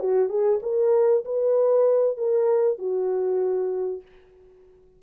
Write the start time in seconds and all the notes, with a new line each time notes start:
0.00 F#4
0.30 G#4
0.63 A#4
1.25 B4
2.17 A#4
2.79 F#4